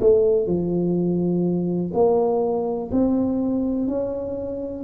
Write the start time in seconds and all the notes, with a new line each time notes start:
0.00 A3
0.46 F3
1.94 A#3
2.91 C4
3.88 C#4